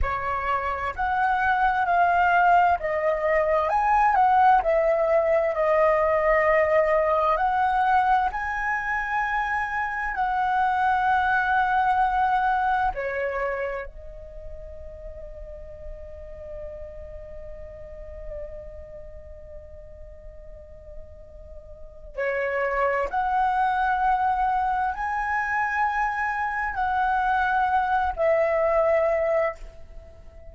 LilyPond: \new Staff \with { instrumentName = "flute" } { \time 4/4 \tempo 4 = 65 cis''4 fis''4 f''4 dis''4 | gis''8 fis''8 e''4 dis''2 | fis''4 gis''2 fis''4~ | fis''2 cis''4 dis''4~ |
dis''1~ | dis''1 | cis''4 fis''2 gis''4~ | gis''4 fis''4. e''4. | }